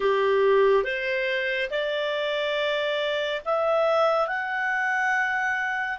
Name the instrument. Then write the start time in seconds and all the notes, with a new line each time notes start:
clarinet
0.00 G4
0.84 C5
1.70 D5
3.45 E5
4.27 F#5